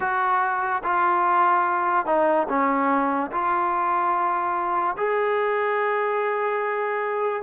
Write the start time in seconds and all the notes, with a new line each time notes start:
0.00 F#4
0.83 F4
2.05 D#4
2.48 C#4
3.31 F4
4.97 G#4